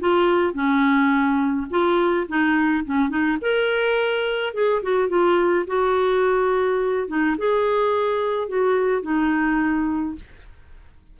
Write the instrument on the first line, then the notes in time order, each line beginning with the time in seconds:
clarinet
0.00 F4
0.54 C#4
1.71 F4
2.28 D#4
2.86 C#4
3.10 D#4
3.42 A#4
4.54 G#4
4.83 F#4
5.09 F4
5.67 F#4
7.08 D#4
7.38 G#4
8.49 F#4
9.03 D#4